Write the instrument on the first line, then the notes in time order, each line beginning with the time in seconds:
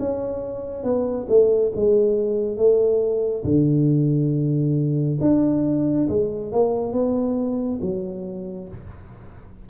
tuba
0.00 C#4
0.84 B3
1.29 A3
1.75 G#3
2.57 A3
3.45 D3
5.21 D4
6.09 G#3
6.53 A#3
6.93 B3
7.81 F#3